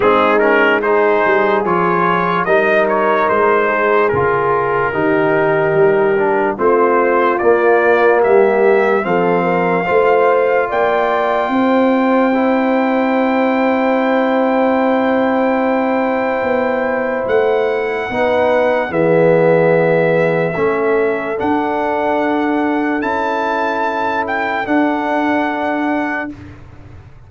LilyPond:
<<
  \new Staff \with { instrumentName = "trumpet" } { \time 4/4 \tempo 4 = 73 gis'8 ais'8 c''4 cis''4 dis''8 cis''8 | c''4 ais'2. | c''4 d''4 e''4 f''4~ | f''4 g''2.~ |
g''1~ | g''4 fis''2 e''4~ | e''2 fis''2 | a''4. g''8 fis''2 | }
  \new Staff \with { instrumentName = "horn" } { \time 4/4 dis'4 gis'2 ais'4~ | ais'8 gis'4. g'2 | f'2 g'4 a'8 ais'8 | c''4 d''4 c''2~ |
c''1~ | c''2 b'4 gis'4~ | gis'4 a'2.~ | a'1 | }
  \new Staff \with { instrumentName = "trombone" } { \time 4/4 c'8 cis'8 dis'4 f'4 dis'4~ | dis'4 f'4 dis'4. d'8 | c'4 ais2 c'4 | f'2. e'4~ |
e'1~ | e'2 dis'4 b4~ | b4 cis'4 d'2 | e'2 d'2 | }
  \new Staff \with { instrumentName = "tuba" } { \time 4/4 gis4. g8 f4 g4 | gis4 cis4 dis4 g4 | a4 ais4 g4 f4 | a4 ais4 c'2~ |
c'1 | b4 a4 b4 e4~ | e4 a4 d'2 | cis'2 d'2 | }
>>